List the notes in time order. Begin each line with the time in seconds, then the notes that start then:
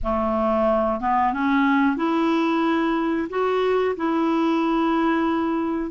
0.03 A3
1.00 B3
1.33 C#4
1.96 E4
3.29 F#4
3.96 E4